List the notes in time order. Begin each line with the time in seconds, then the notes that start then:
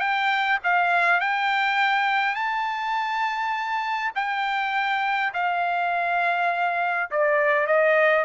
0.00 G5
0.63 F5
1.21 G5
2.35 A5
4.15 G5
5.34 F5
7.11 D5
7.67 D#5